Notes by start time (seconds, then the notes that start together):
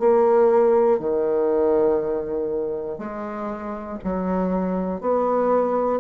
0.00 A#3
1.00 D#3
2.99 G#3
4.05 F#3
5.01 B3